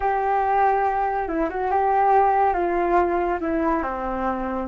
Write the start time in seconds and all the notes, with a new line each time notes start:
0.00 G4
1.28 E4
1.49 F#4
1.70 G4
2.53 F4
3.40 E4
3.82 C4